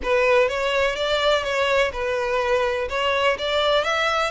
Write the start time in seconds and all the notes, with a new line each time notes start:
0.02 B4
0.48 C#5
0.95 D5
1.43 C#5
1.92 B4
2.89 C#5
3.38 D5
3.84 E5